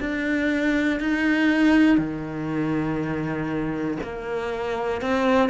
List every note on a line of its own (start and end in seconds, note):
0.00 1.00 D4
1.00 1.98 D#4
1.98 3.98 D#3
4.03 5.01 A#3
5.01 5.50 C4